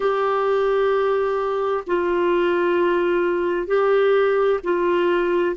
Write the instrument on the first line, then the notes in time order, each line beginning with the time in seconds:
clarinet
0.00 G4
1.87 F4
3.67 G4
4.63 F4